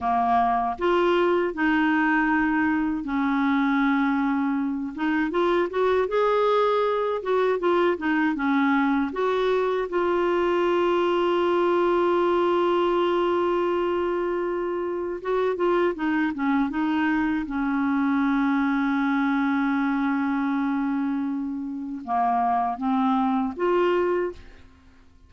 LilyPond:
\new Staff \with { instrumentName = "clarinet" } { \time 4/4 \tempo 4 = 79 ais4 f'4 dis'2 | cis'2~ cis'8 dis'8 f'8 fis'8 | gis'4. fis'8 f'8 dis'8 cis'4 | fis'4 f'2.~ |
f'1 | fis'8 f'8 dis'8 cis'8 dis'4 cis'4~ | cis'1~ | cis'4 ais4 c'4 f'4 | }